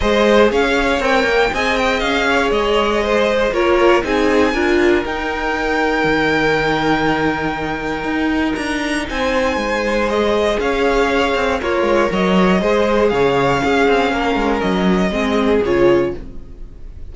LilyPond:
<<
  \new Staff \with { instrumentName = "violin" } { \time 4/4 \tempo 4 = 119 dis''4 f''4 g''4 gis''8 g''8 | f''4 dis''2 cis''4 | gis''2 g''2~ | g''1~ |
g''4 ais''4 gis''2 | dis''4 f''2 cis''4 | dis''2 f''2~ | f''4 dis''2 cis''4 | }
  \new Staff \with { instrumentName = "violin" } { \time 4/4 c''4 cis''2 dis''4~ | dis''8 cis''4. c''4 ais'4 | gis'4 ais'2.~ | ais'1~ |
ais'2 c''2~ | c''4 cis''2 f'4 | cis''4 c''4 cis''4 gis'4 | ais'2 gis'2 | }
  \new Staff \with { instrumentName = "viola" } { \time 4/4 gis'2 ais'4 gis'4~ | gis'2. f'4 | dis'4 f'4 dis'2~ | dis'1~ |
dis'1 | gis'2. ais'4~ | ais'4 gis'2 cis'4~ | cis'2 c'4 f'4 | }
  \new Staff \with { instrumentName = "cello" } { \time 4/4 gis4 cis'4 c'8 ais8 c'4 | cis'4 gis2 ais4 | c'4 d'4 dis'2 | dis1 |
dis'4 d'4 c'4 gis4~ | gis4 cis'4. c'8 ais8 gis8 | fis4 gis4 cis4 cis'8 c'8 | ais8 gis8 fis4 gis4 cis4 | }
>>